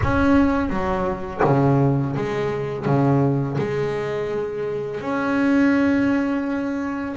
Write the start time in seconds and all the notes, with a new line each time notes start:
0.03 C#4
0.69 F#3
1.44 C#3
2.16 G#3
2.85 C#3
3.58 G#3
5.00 C#4